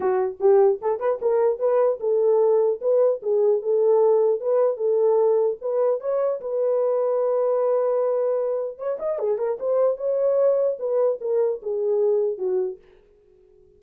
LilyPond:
\new Staff \with { instrumentName = "horn" } { \time 4/4 \tempo 4 = 150 fis'4 g'4 a'8 b'8 ais'4 | b'4 a'2 b'4 | gis'4 a'2 b'4 | a'2 b'4 cis''4 |
b'1~ | b'2 cis''8 dis''8 gis'8 ais'8 | c''4 cis''2 b'4 | ais'4 gis'2 fis'4 | }